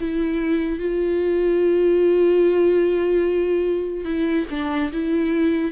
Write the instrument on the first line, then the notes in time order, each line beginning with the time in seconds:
viola
0.00 E4
0.79 F4
4.05 E4
4.51 D4
4.92 E4